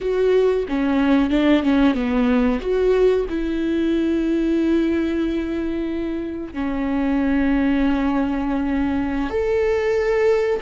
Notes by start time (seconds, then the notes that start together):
0.00 F#4
0.68 C#4
1.30 D4
1.62 C#4
1.94 B3
2.61 F#4
3.28 E4
6.53 C#4
9.30 A4